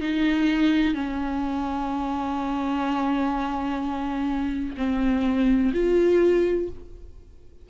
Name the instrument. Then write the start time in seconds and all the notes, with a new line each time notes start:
viola
0.00 D#4
0.94 C#4
4.77 C4
5.73 F4